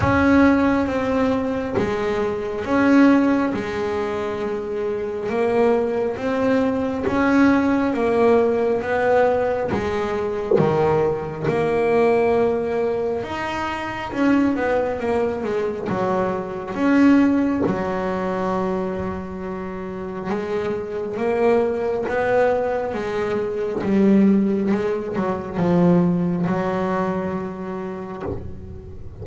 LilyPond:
\new Staff \with { instrumentName = "double bass" } { \time 4/4 \tempo 4 = 68 cis'4 c'4 gis4 cis'4 | gis2 ais4 c'4 | cis'4 ais4 b4 gis4 | dis4 ais2 dis'4 |
cis'8 b8 ais8 gis8 fis4 cis'4 | fis2. gis4 | ais4 b4 gis4 g4 | gis8 fis8 f4 fis2 | }